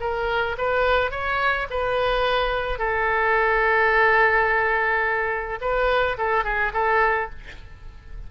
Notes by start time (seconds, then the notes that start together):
0.00 A#4
0.58 B4
1.11 C#5
1.70 B4
2.78 A4
5.60 B4
6.17 A4
6.44 G#4
6.73 A4